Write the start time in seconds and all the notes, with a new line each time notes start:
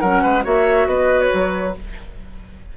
0.00 F#3 C#4 A#4 F#5
0.23 G#3 B4
0.43 A#3 F#4 C#5 E5
0.87 B3 B4 D#5
1.21 C#5
1.34 F#3